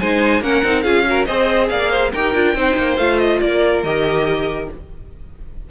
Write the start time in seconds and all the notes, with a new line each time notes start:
0.00 G#3 D#4 C5 G#5
0.41 A#3 C#4 A#4 F#5
0.64 C4 D#4
0.82 C#4 F4 G#4 F5
1.06 F#4 A#4
1.25 C4 G#4 C5 D#5
1.69 A#3 D5 F5
1.90 C5
2.13 D#4 G4 A#4 G5
2.34 D4 F4
2.55 C4 D#4 C5
2.77 A#3
2.97 A3 F4 F5
3.19 D#5
3.41 A#3 A#4 D5
3.83 D#3 G4 D#5